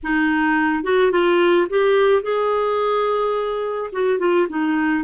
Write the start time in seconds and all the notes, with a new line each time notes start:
0.03 D#4
0.83 F#4
1.11 F4
1.69 G4
2.22 G#4
3.92 F#4
4.19 F4
4.49 D#4